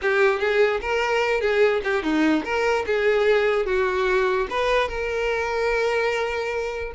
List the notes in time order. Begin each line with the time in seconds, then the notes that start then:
0.02 G4
0.39 G#4
0.81 A#4
1.40 G#4
1.84 G4
2.02 D#4
2.44 A#4
2.86 G#4
3.65 F#4
4.50 B4
4.88 A#4